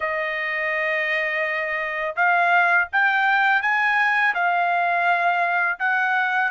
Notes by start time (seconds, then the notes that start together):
0.00 D#5
2.16 F5
2.92 G5
3.61 G#5
4.34 F5
5.79 F#5